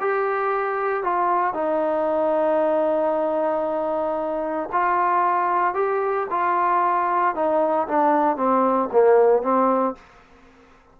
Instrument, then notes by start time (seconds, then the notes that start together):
trombone
0.00 G4
1.03 F4
1.54 D#4
4.72 F4
5.74 G4
6.30 F4
7.35 D#4
7.87 D4
8.36 C4
8.92 A#3
9.42 C4